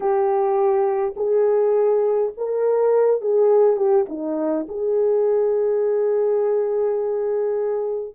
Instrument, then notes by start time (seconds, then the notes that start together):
horn
0.00 G4
1.16 G#4
2.37 A#4
3.21 G#4
3.76 G4
4.08 D#4
4.68 G#4